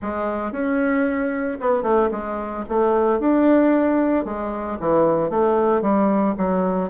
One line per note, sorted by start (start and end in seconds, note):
0.02 0.52 G#3
0.52 1.58 C#4
1.60 1.82 B3
1.82 2.09 A3
2.11 2.64 G#3
2.68 3.19 A3
3.19 4.25 D4
4.25 4.78 G#3
4.80 5.30 E3
5.30 5.81 A3
5.81 6.35 G3
6.37 6.89 F#3